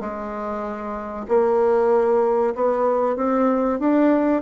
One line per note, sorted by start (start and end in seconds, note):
0.00 1.26 G#3
1.28 2.54 A#3
2.55 3.16 B3
3.16 3.79 C4
3.79 4.42 D4